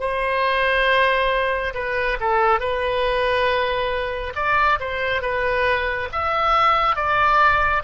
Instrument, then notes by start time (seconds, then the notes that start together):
oboe
0.00 C5
1.74 B4
2.21 A4
2.60 B4
4.36 D5
4.80 C5
5.22 B4
6.12 E5
6.96 D5